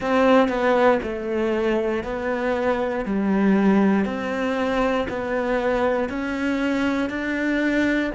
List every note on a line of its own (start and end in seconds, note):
0.00 0.48 C4
0.48 0.99 B3
1.03 2.03 A3
2.03 3.05 B3
3.05 4.05 G3
4.05 5.07 C4
5.08 6.09 B3
6.09 7.09 C#4
7.09 8.11 D4